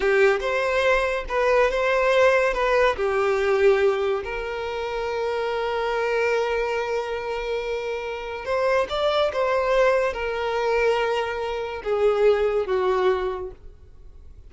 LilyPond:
\new Staff \with { instrumentName = "violin" } { \time 4/4 \tempo 4 = 142 g'4 c''2 b'4 | c''2 b'4 g'4~ | g'2 ais'2~ | ais'1~ |
ais'1 | c''4 d''4 c''2 | ais'1 | gis'2 fis'2 | }